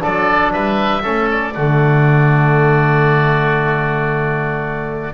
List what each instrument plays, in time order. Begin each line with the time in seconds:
0.00 double bass F#3, trombone D4, oboe A4 D5
0.53 double bass G3, oboe B4 E5
1.03 double bass A3, trombone C#4, oboe A4
1.32 oboe D5
1.54 double bass D3, trombone A3, oboe F#4